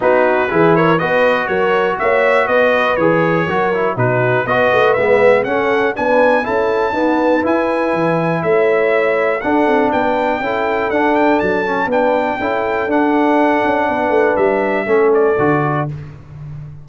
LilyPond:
<<
  \new Staff \with { instrumentName = "trumpet" } { \time 4/4 \tempo 4 = 121 b'4. cis''8 dis''4 cis''4 | e''4 dis''4 cis''2 | b'4 dis''4 e''4 fis''4 | gis''4 a''2 gis''4~ |
gis''4 e''2 fis''4 | g''2 fis''8 g''8 a''4 | g''2 fis''2~ | fis''4 e''4. d''4. | }
  \new Staff \with { instrumentName = "horn" } { \time 4/4 fis'4 gis'8 ais'8 b'4 ais'4 | cis''4 b'2 ais'4 | fis'4 b'2 a'4 | b'4 a'4 b'2~ |
b'4 cis''2 a'4 | b'4 a'2. | b'4 a'2. | b'2 a'2 | }
  \new Staff \with { instrumentName = "trombone" } { \time 4/4 dis'4 e'4 fis'2~ | fis'2 gis'4 fis'8 e'8 | dis'4 fis'4 b4 cis'4 | d'4 e'4 b4 e'4~ |
e'2. d'4~ | d'4 e'4 d'4. cis'8 | d'4 e'4 d'2~ | d'2 cis'4 fis'4 | }
  \new Staff \with { instrumentName = "tuba" } { \time 4/4 b4 e4 b4 fis4 | ais4 b4 e4 fis4 | b,4 b8 a8 gis4 cis'4 | b4 cis'4 dis'4 e'4 |
e4 a2 d'8 c'8 | b4 cis'4 d'4 fis4 | b4 cis'4 d'4. cis'8 | b8 a8 g4 a4 d4 | }
>>